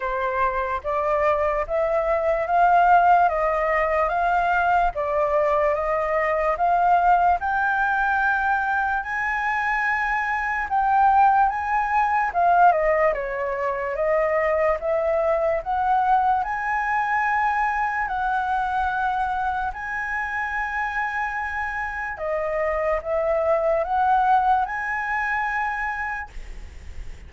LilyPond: \new Staff \with { instrumentName = "flute" } { \time 4/4 \tempo 4 = 73 c''4 d''4 e''4 f''4 | dis''4 f''4 d''4 dis''4 | f''4 g''2 gis''4~ | gis''4 g''4 gis''4 f''8 dis''8 |
cis''4 dis''4 e''4 fis''4 | gis''2 fis''2 | gis''2. dis''4 | e''4 fis''4 gis''2 | }